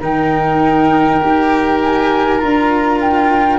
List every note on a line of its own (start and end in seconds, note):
0.00 1.20 D#3
0.00 1.21 D#4
0.00 3.59 A#4
0.00 1.82 G5
1.21 2.42 D#4
1.21 2.39 G4
1.82 2.38 G#5
2.38 3.59 D4
2.38 3.59 F4
2.38 2.98 A#5
3.01 3.59 G5